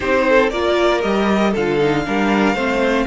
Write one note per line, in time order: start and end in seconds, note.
0.00 0.52 C4
0.00 0.48 D#4
0.00 0.24 G4
0.00 0.49 C5
0.28 0.52 A4
0.50 1.03 A#3
0.50 1.01 F4
0.50 1.51 A#4
0.50 1.01 D5
1.01 1.54 G3
1.01 1.53 G4
1.01 1.53 D#5
1.51 2.07 D3
1.51 2.02 A4
1.51 3.07 F5
1.57 1.79 F4
1.79 2.04 D#4
2.05 2.54 G3
2.05 2.55 D4
2.05 2.54 A#4
2.54 3.06 A3
2.54 3.07 C4
2.54 3.06 C5